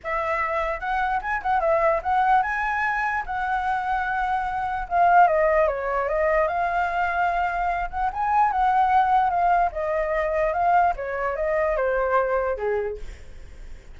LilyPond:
\new Staff \with { instrumentName = "flute" } { \time 4/4 \tempo 4 = 148 e''2 fis''4 gis''8 fis''8 | e''4 fis''4 gis''2 | fis''1 | f''4 dis''4 cis''4 dis''4 |
f''2.~ f''8 fis''8 | gis''4 fis''2 f''4 | dis''2 f''4 cis''4 | dis''4 c''2 gis'4 | }